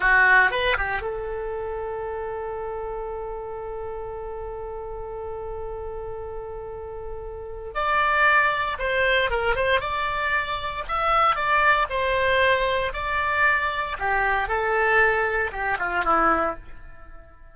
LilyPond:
\new Staff \with { instrumentName = "oboe" } { \time 4/4 \tempo 4 = 116 fis'4 b'8 g'8 a'2~ | a'1~ | a'1~ | a'2. d''4~ |
d''4 c''4 ais'8 c''8 d''4~ | d''4 e''4 d''4 c''4~ | c''4 d''2 g'4 | a'2 g'8 f'8 e'4 | }